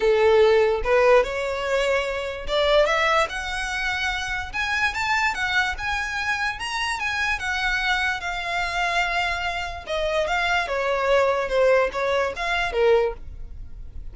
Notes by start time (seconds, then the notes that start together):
0.00 A4
0.84 B4
1.23 C#5
2.47 D5
2.86 E5
3.29 F#5
4.52 G#5
4.94 A5
5.34 F#5
5.77 G#5
6.59 A#5
6.99 G#5
7.39 F#5
8.20 F5
9.86 D#5
10.27 F5
10.67 C#5
11.48 C5
11.92 C#5
12.35 F5
12.72 A#4